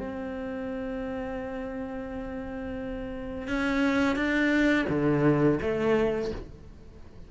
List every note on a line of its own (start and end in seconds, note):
0.00 3.47 C4
3.47 4.16 C#4
4.16 4.86 D4
4.89 5.59 D3
5.61 6.31 A3